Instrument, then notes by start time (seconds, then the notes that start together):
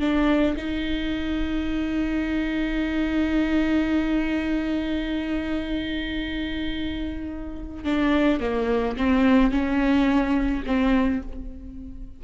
viola
0.00 D4
0.57 D#4
7.85 D4
8.40 A#3
8.97 C4
9.51 C#4
10.66 C4